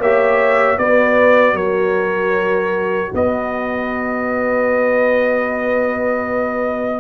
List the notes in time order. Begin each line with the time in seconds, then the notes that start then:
0.00 A#3 G4 C#5 E5
0.78 B3 F#4 B4 D5
1.53 F#3 A#4 C#5
3.14 B3 B4 D#5